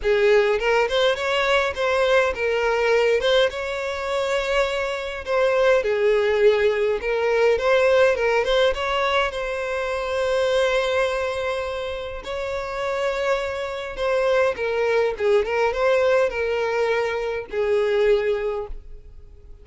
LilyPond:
\new Staff \with { instrumentName = "violin" } { \time 4/4 \tempo 4 = 103 gis'4 ais'8 c''8 cis''4 c''4 | ais'4. c''8 cis''2~ | cis''4 c''4 gis'2 | ais'4 c''4 ais'8 c''8 cis''4 |
c''1~ | c''4 cis''2. | c''4 ais'4 gis'8 ais'8 c''4 | ais'2 gis'2 | }